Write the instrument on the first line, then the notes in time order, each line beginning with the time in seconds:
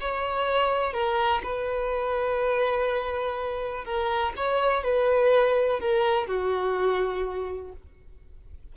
violin
0.00 C#5
0.93 A#4
1.43 B4
3.85 A#4
4.36 C#5
4.83 B4
5.80 A#4
6.27 F#4